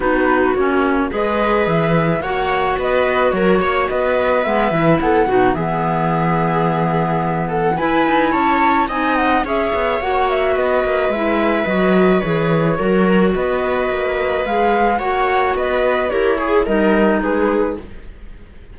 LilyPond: <<
  \new Staff \with { instrumentName = "flute" } { \time 4/4 \tempo 4 = 108 b'4 cis''4 dis''4 e''4 | fis''4 dis''4 cis''4 dis''4 | e''4 fis''4 e''2~ | e''4. fis''8 gis''4 a''4 |
gis''8 fis''8 e''4 fis''8 e''8 dis''4 | e''4 dis''4 cis''2 | dis''2 f''4 fis''4 | dis''4 cis''4 dis''4 b'4 | }
  \new Staff \with { instrumentName = "viola" } { \time 4/4 fis'2 b'2 | cis''4 b'4 ais'8 cis''8 b'4~ | b'4 a'8 fis'8 gis'2~ | gis'4. a'8 b'4 cis''4 |
dis''4 cis''2 b'4~ | b'2. ais'4 | b'2. cis''4 | b'4 ais'8 gis'8 ais'4 gis'4 | }
  \new Staff \with { instrumentName = "clarinet" } { \time 4/4 dis'4 cis'4 gis'2 | fis'1 | b8 e'4 dis'8 b2~ | b2 e'2 |
dis'4 gis'4 fis'2 | e'4 fis'4 gis'4 fis'4~ | fis'2 gis'4 fis'4~ | fis'4 g'8 gis'8 dis'2 | }
  \new Staff \with { instrumentName = "cello" } { \time 4/4 b4 ais4 gis4 e4 | ais4 b4 fis8 ais8 b4 | gis8 e8 b8 b,8 e2~ | e2 e'8 dis'8 cis'4 |
c'4 cis'8 b8 ais4 b8 ais8 | gis4 fis4 e4 fis4 | b4 ais4 gis4 ais4 | b4 e'4 g4 gis4 | }
>>